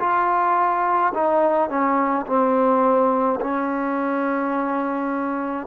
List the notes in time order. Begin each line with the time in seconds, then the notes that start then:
0.00 F4
1.14 D#4
1.69 C#4
2.26 C4
3.41 C#4